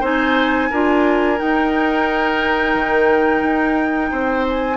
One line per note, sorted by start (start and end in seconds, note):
0.00 0.69 C4
0.00 0.70 D#4
0.00 0.68 C5
0.00 1.39 G#5
0.70 1.40 D4
0.70 1.38 F4
0.70 4.11 A#4
1.38 4.77 D#4
1.38 2.74 D#4
1.38 4.46 G5
2.74 3.42 D#3
3.42 4.10 D#4
4.11 4.77 C4
4.11 4.77 C5
4.48 4.77 G#5